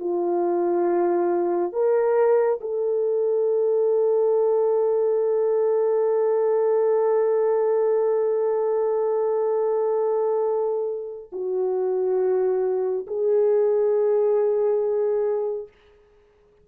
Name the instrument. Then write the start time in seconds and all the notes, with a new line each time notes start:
horn
0.00 F4
1.73 A#4
2.61 A4
11.32 F#4
13.07 G#4